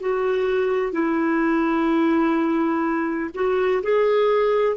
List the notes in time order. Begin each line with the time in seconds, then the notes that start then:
0.00 F#4
0.93 E4
3.35 F#4
3.83 G#4